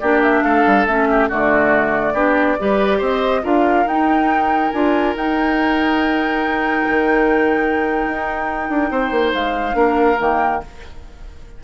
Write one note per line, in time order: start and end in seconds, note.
0.00 0.43 A#3
0.00 0.89 D4
0.00 0.44 G4
0.00 0.21 D5
0.23 0.44 E5
0.43 0.64 A3
0.43 1.09 A4
0.43 0.87 F5
0.67 0.87 G3
0.87 1.30 A3
0.87 1.31 C#4
0.87 1.30 E5
1.10 1.29 G4
1.29 2.14 D3
1.29 2.15 A3
1.29 2.14 F#4
1.29 3.02 D5
2.14 2.57 B3
2.14 2.58 D4
2.14 2.57 G4
2.59 3.01 G3
2.59 3.43 G4
2.59 2.98 B4
2.98 3.44 C4
2.98 3.41 C5
2.98 3.45 D#5
3.43 3.86 D4
3.43 3.86 F4
3.43 8.90 A#4
3.43 3.88 F5
3.86 4.72 D#4
3.86 4.73 D#4
3.86 4.72 G5
4.72 5.16 D4
4.72 5.16 F4
4.72 5.15 G#5
5.16 6.87 D#4
5.16 9.73 D#4
5.16 9.34 G5
6.89 8.06 D#3
8.06 8.70 D#4
8.70 8.91 D4
8.91 9.11 C4
8.91 9.77 C5
9.11 9.33 A#3
9.34 9.74 G#3
9.34 10.20 F5
9.73 10.17 A#3
9.73 10.16 D4
9.73 10.62 A#4
10.19 10.63 D#3
10.19 10.62 A#3
10.19 10.64 G5